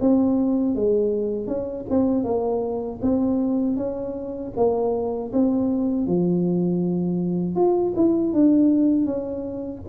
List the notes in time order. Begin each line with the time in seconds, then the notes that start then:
0.00 C4
0.75 G#3
1.47 C#4
1.90 C4
2.24 A#3
3.02 C4
3.77 C#4
4.56 A#3
5.33 C4
6.07 F3
7.55 F4
7.96 E4
8.33 D4
9.06 C#4